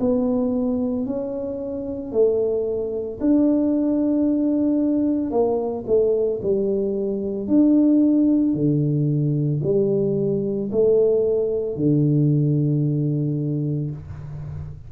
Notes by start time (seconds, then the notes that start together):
0.00 B3
1.06 C#4
2.12 A3
3.20 D4
5.31 A#3
5.87 A3
6.42 G3
7.48 D4
8.54 D3
9.63 G3
10.71 A3
11.76 D3